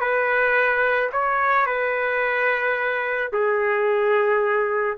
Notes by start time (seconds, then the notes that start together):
0.00 B4
1.12 C#5
1.66 B4
3.32 G#4